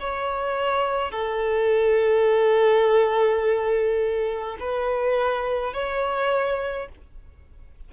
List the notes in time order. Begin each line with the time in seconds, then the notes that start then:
0.00 C#5
1.11 A4
4.60 B4
5.73 C#5